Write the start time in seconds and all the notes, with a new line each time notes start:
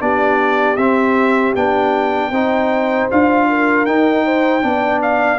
0.00 B3 D4 G4 D5
0.77 C4 E5
1.56 B3 D4 G5
2.31 C4 D#4 C5
3.11 D4 F4 F5
3.49 A#4
3.86 D#4 G5
4.25 C5
4.62 B3 D4 D5
5.02 F5